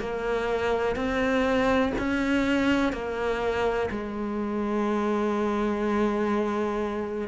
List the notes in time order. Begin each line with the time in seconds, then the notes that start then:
0.00 A#3
0.96 C4
1.98 C#4
2.93 A#3
3.91 G#3